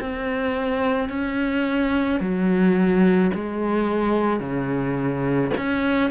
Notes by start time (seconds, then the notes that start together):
0.00 C4
1.09 C#4
2.20 F#3
3.34 G#3
4.39 C#3
5.57 C#4